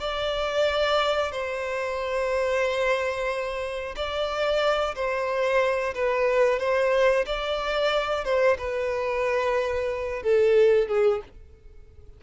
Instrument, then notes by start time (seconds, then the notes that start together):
violin
0.00 D5
1.31 C5
3.96 D5
4.95 C5
5.94 B4
6.59 C5
7.26 D5
8.24 C5
8.58 B4
10.23 A4
10.88 G#4